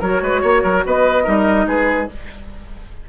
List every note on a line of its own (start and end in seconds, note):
0.00 0.22 F#3
0.00 1.24 F#4
0.00 0.21 A#4
0.00 0.86 C#5
0.22 0.42 G#3
0.22 0.41 B4
0.41 0.63 A#3
0.41 0.62 C#5
0.63 0.85 F#3
0.63 0.83 A#4
0.85 1.27 B3
0.85 1.24 B4
0.85 1.67 D#5
1.24 1.66 G3
1.24 2.08 D#4
1.24 1.65 A#4
1.66 2.08 G#3
1.66 2.09 G#4
1.66 2.09 B4